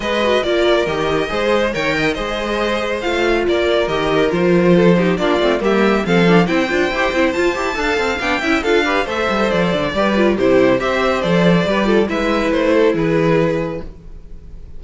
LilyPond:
<<
  \new Staff \with { instrumentName = "violin" } { \time 4/4 \tempo 4 = 139 dis''4 d''4 dis''2 | g''4 dis''2 f''4 | d''4 dis''4 c''2 | d''4 e''4 f''4 g''4~ |
g''4 a''2 g''4 | f''4 e''4 d''2 | c''4 e''4 d''2 | e''4 c''4 b'2 | }
  \new Staff \with { instrumentName = "violin" } { \time 4/4 b'4 ais'2 c''4 | cis''8 dis''8 c''2. | ais'2. a'8 g'8 | f'4 g'4 a'4 c''4~ |
c''2 f''4. e''8 | a'8 b'8 c''2 b'4 | g'4 c''2 b'8 a'8 | b'4. a'8 gis'2 | }
  \new Staff \with { instrumentName = "viola" } { \time 4/4 gis'8 fis'8 f'4 g'4 gis'4 | ais'4 gis'2 f'4~ | f'4 g'4 f'4. dis'8 | d'8 c'8 ais4 c'8 d'8 e'8 f'8 |
g'8 e'8 f'8 g'8 a'4 d'8 e'8 | f'8 g'8 a'2 g'8 f'8 | e'4 g'4 a'4 g'8 f'8 | e'1 | }
  \new Staff \with { instrumentName = "cello" } { \time 4/4 gis4 ais4 dis4 gis4 | dis4 gis2 a4 | ais4 dis4 f2 | ais8 a8 g4 f4 c'8 d'8 |
e'8 c'8 f'8 e'8 d'8 c'8 b8 cis'8 | d'4 a8 g8 f8 d8 g4 | c4 c'4 f4 g4 | gis4 a4 e2 | }
>>